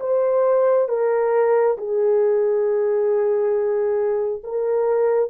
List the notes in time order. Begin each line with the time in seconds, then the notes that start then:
0.00 C5
0.88 A#4
1.77 G#4
4.44 A#4